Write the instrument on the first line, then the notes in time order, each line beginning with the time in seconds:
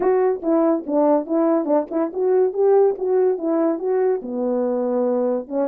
horn
0.00 F#4
0.42 E4
0.86 D4
1.26 E4
1.65 D4
1.91 E4
2.13 F#4
2.53 G4
2.98 F#4
3.38 E4
3.78 F#4
4.22 B3
5.48 C#4